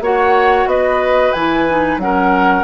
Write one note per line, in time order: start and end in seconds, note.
0.00 0.66 A#3
0.00 1.34 F#4
0.00 0.69 C#5
0.00 0.68 F#5
0.66 1.32 B3
0.66 2.01 B4
0.66 1.32 D#5
1.32 1.97 E3
1.32 1.68 E4
1.32 1.98 G#5
1.68 1.99 D#4
1.97 2.63 F#3
1.97 2.64 C#4
1.97 2.64 F#5
2.03 2.64 A#4